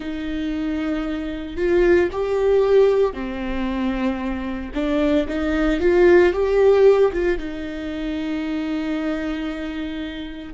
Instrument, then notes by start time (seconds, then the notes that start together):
viola
0.00 D#4
1.56 F4
2.11 G4
3.13 C4
4.74 D4
5.27 D#4
5.79 F4
6.32 G4
7.12 F4
7.37 D#4